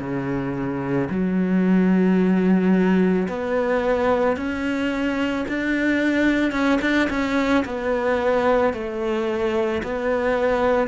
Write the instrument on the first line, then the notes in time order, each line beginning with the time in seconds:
cello
0.00 C#3
1.10 F#3
3.28 B3
4.37 C#4
5.48 D4
6.52 C#4
6.82 D4
7.10 C#4
7.65 B3
8.73 A3
9.83 B3